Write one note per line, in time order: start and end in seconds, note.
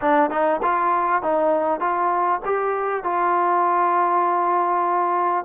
0.01 0.30 D4
0.30 0.60 D#4
0.62 1.22 F4
1.22 1.79 D#4
1.79 2.40 F4
2.45 3.03 G4
3.03 5.45 F4